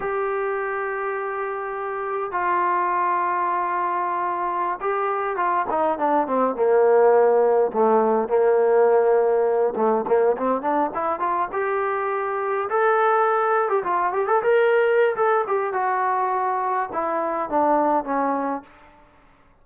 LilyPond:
\new Staff \with { instrumentName = "trombone" } { \time 4/4 \tempo 4 = 103 g'1 | f'1~ | f'16 g'4 f'8 dis'8 d'8 c'8 ais8.~ | ais4~ ais16 a4 ais4.~ ais16~ |
ais8. a8 ais8 c'8 d'8 e'8 f'8 g'16~ | g'4.~ g'16 a'4.~ a'16 g'16 f'16~ | f'16 g'16 a'16 ais'4~ ais'16 a'8 g'8 fis'4~ | fis'4 e'4 d'4 cis'4 | }